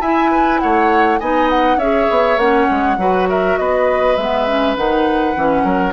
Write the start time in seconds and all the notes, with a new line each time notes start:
0.00 E4 E5 G#5
0.30 B4
0.59 A3 C#5 F#5
1.19 B3 D#4 D#5 G#5
1.49 F#5
1.76 C#4 G#4 C#5 E5
2.10 B3
2.36 A#3 C#4 F#5
2.70 G#3
2.97 F#3 F#4 B4
3.29 A#4 E5
3.57 B3 B4 D#5
4.15 G#3 B3 E5
4.46 C#4
4.76 D#3 D#4 F#5
5.35 E3 C#4
5.63 F#3 A#4